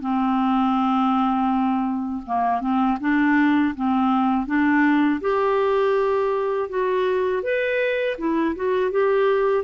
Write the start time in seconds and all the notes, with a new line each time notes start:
0.00 C4
2.26 A#3
2.61 C4
3.00 D4
3.75 C4
4.46 D4
5.21 G4
6.69 F#4
7.43 B4
8.18 E4
8.55 F#4
8.91 G4